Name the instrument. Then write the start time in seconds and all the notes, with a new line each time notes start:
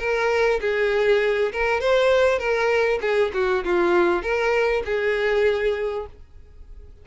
violin
0.00 A#4
0.61 G#4
1.53 A#4
1.81 C5
2.39 A#4
3.02 G#4
3.34 F#4
3.65 F4
4.23 A#4
4.86 G#4